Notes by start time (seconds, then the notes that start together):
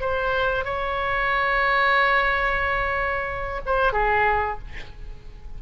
0.00 C5
0.64 C#5
3.66 C5
3.92 G#4